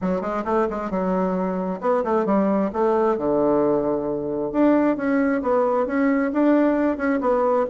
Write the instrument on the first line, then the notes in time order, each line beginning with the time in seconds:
bassoon
0.01 F#3
0.21 G#3
0.44 A3
0.70 G#3
0.90 F#3
1.80 B3
2.04 A3
2.25 G3
2.72 A3
3.17 D3
4.52 D4
4.96 C#4
5.42 B3
5.86 C#4
6.33 D4
6.97 C#4
7.20 B3